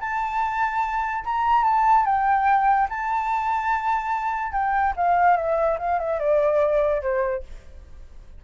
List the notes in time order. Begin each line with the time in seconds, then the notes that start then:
0.00 A5
1.25 A#5
1.64 A5
2.05 G5
2.89 A5
4.52 G5
4.96 F5
5.37 E5
5.79 F5
5.99 E5
6.19 D5
7.02 C5